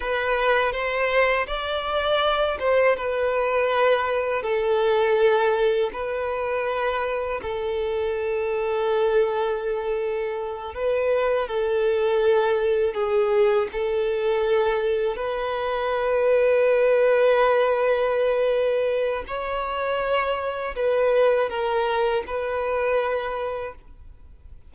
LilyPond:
\new Staff \with { instrumentName = "violin" } { \time 4/4 \tempo 4 = 81 b'4 c''4 d''4. c''8 | b'2 a'2 | b'2 a'2~ | a'2~ a'8 b'4 a'8~ |
a'4. gis'4 a'4.~ | a'8 b'2.~ b'8~ | b'2 cis''2 | b'4 ais'4 b'2 | }